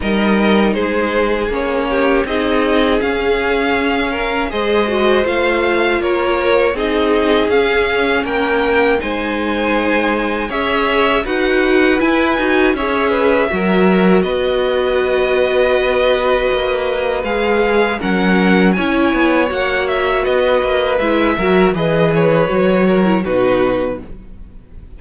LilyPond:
<<
  \new Staff \with { instrumentName = "violin" } { \time 4/4 \tempo 4 = 80 dis''4 c''4 cis''4 dis''4 | f''2 dis''4 f''4 | cis''4 dis''4 f''4 g''4 | gis''2 e''4 fis''4 |
gis''4 e''2 dis''4~ | dis''2. f''4 | fis''4 gis''4 fis''8 e''8 dis''4 | e''4 dis''8 cis''4. b'4 | }
  \new Staff \with { instrumentName = "violin" } { \time 4/4 ais'4 gis'4. g'8 gis'4~ | gis'4. ais'8 c''2 | ais'4 gis'2 ais'4 | c''2 cis''4 b'4~ |
b'4 cis''8 b'8 ais'4 b'4~ | b'1 | ais'4 cis''2 b'4~ | b'8 ais'8 b'4. ais'8 fis'4 | }
  \new Staff \with { instrumentName = "viola" } { \time 4/4 dis'2 cis'4 dis'4 | cis'2 gis'8 fis'8 f'4~ | f'4 dis'4 cis'2 | dis'2 gis'4 fis'4 |
e'8 fis'8 gis'4 fis'2~ | fis'2. gis'4 | cis'4 e'4 fis'2 | e'8 fis'8 gis'4 fis'8. e'16 dis'4 | }
  \new Staff \with { instrumentName = "cello" } { \time 4/4 g4 gis4 ais4 c'4 | cis'2 gis4 a4 | ais4 c'4 cis'4 ais4 | gis2 cis'4 dis'4 |
e'8 dis'8 cis'4 fis4 b4~ | b2 ais4 gis4 | fis4 cis'8 b8 ais4 b8 ais8 | gis8 fis8 e4 fis4 b,4 | }
>>